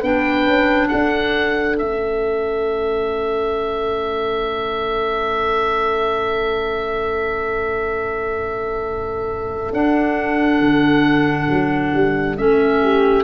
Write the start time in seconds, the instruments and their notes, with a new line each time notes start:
0.00 tuba B3, clarinet D4, horn B4, oboe G5
0.47 tuba C#4
0.88 tuba D4, horn A4, oboe F#5
1.76 tuba A3, clarinet C#4, oboe E5
9.72 tuba D4, clarinet D4, oboe F#5
10.60 tuba D3
11.49 tuba F#3
11.94 tuba G3
12.37 tuba A3, clarinet C#4, oboe E5
12.82 horn G4